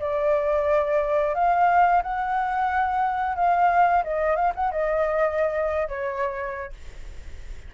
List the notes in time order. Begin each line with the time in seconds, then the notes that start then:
0.00 D5
1.35 F5
2.03 F#5
3.36 F5
4.04 D#5
4.36 F5
4.55 F#5
4.72 D#5
5.88 C#5